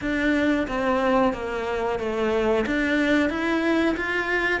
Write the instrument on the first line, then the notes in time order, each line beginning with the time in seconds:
cello
0.01 D4
0.67 C4
1.33 A#3
1.99 A3
2.66 D4
3.29 E4
3.97 F4